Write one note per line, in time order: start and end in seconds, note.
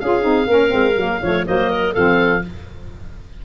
0.00 0.24 C#4
0.00 0.22 F4
0.00 0.48 G#4
0.00 1.45 F5
0.22 0.48 C4
0.22 0.46 D#4
0.48 0.72 A#3
0.48 0.69 C#4
0.48 1.20 A#4
0.69 0.97 G#3
0.69 0.93 C4
0.97 1.21 F#3
0.97 1.22 A#3
1.22 1.47 F3
1.22 1.46 A3
1.22 1.46 C#5
1.46 1.97 F#3
1.46 1.94 A#3
1.46 1.71 C5
1.46 1.95 D#5
1.71 1.93 A#4
1.93 2.45 F3
1.93 2.45 C4
1.93 2.42 A4
1.93 2.43 F5